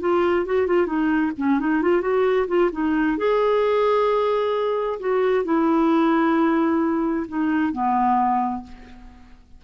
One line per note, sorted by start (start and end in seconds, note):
0.00 0.45 F4
0.45 0.67 F#4
0.67 0.86 F4
0.86 1.32 D#4
1.37 1.60 C#4
1.60 1.82 D#4
1.82 2.01 F4
2.01 2.46 F#4
2.47 2.70 F4
2.72 3.17 D#4
3.17 4.99 G#4
4.99 5.44 F#4
5.44 7.26 E4
7.28 7.72 D#4
7.72 8.63 B3